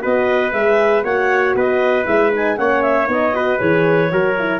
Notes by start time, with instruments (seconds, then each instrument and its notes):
0.00 tuba B3, horn F#4, trumpet B4, clarinet D#5
0.52 tuba G#3, horn G#4, clarinet E5
1.04 tuba A#3, horn F#4, trumpet C#5, clarinet F#5
1.55 tuba B3, trumpet B4, clarinet D#5
2.05 tuba G#3, horn E4, clarinet E5
2.31 horn D#4, clarinet G#5
2.56 tuba A#3, horn C#4, trumpet C#5, clarinet F#5
2.82 clarinet E5
3.06 tuba B3, horn D#4, clarinet D#5
3.33 horn F#4, trumpet B4
3.58 tuba E3, horn G#4, clarinet C#5
4.11 tuba F#3, horn F#4, trumpet A#4
4.38 horn E4